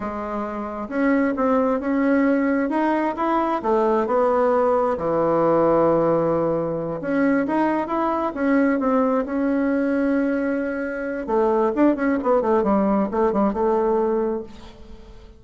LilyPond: \new Staff \with { instrumentName = "bassoon" } { \time 4/4 \tempo 4 = 133 gis2 cis'4 c'4 | cis'2 dis'4 e'4 | a4 b2 e4~ | e2.~ e8 cis'8~ |
cis'8 dis'4 e'4 cis'4 c'8~ | c'8 cis'2.~ cis'8~ | cis'4 a4 d'8 cis'8 b8 a8 | g4 a8 g8 a2 | }